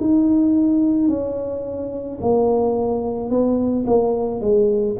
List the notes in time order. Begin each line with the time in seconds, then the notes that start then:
0.00 D#4
1.08 C#4
2.21 A#3
3.30 B3
3.87 A#3
4.40 G#3